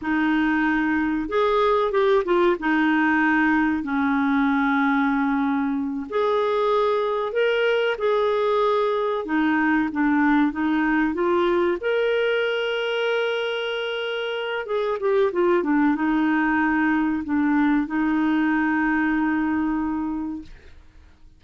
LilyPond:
\new Staff \with { instrumentName = "clarinet" } { \time 4/4 \tempo 4 = 94 dis'2 gis'4 g'8 f'8 | dis'2 cis'2~ | cis'4. gis'2 ais'8~ | ais'8 gis'2 dis'4 d'8~ |
d'8 dis'4 f'4 ais'4.~ | ais'2. gis'8 g'8 | f'8 d'8 dis'2 d'4 | dis'1 | }